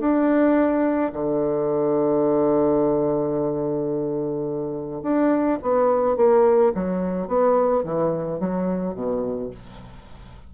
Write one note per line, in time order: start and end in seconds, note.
0.00 1.12 D4
1.13 5.03 D3
5.03 5.59 D4
5.63 6.17 B3
6.17 6.73 A#3
6.75 7.28 F#3
7.28 7.84 B3
7.84 8.40 E3
8.40 8.95 F#3
8.95 9.51 B2